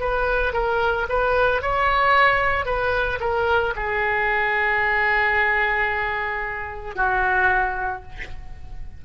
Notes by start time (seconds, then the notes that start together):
0.00 B4
0.53 A#4
1.09 B4
1.62 C#5
2.66 B4
3.20 A#4
3.75 G#4
6.95 F#4